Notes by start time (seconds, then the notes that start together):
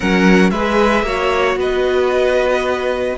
0.00 F#3 C#4 A#4 F#5
0.50 G#3 G#4 B4 E5
1.02 A#3 F#4 C#5
1.55 B3 B4 D#5